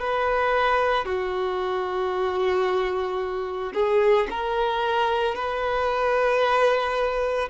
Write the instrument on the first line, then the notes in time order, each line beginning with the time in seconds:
violin
0.00 B4
1.05 F#4
3.74 G#4
4.31 A#4
5.35 B4